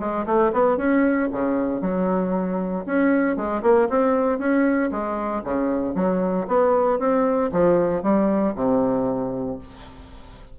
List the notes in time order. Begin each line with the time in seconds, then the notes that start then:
0.00 G#3
0.26 A3
0.53 B3
0.77 C#4
1.32 C#3
1.82 F#3
2.86 C#4
3.36 G#3
3.63 A#3
3.90 C4
4.39 C#4
4.91 G#3
5.44 C#3
5.95 F#3
6.48 B3
6.99 C4
7.52 F3
8.03 G3
8.55 C3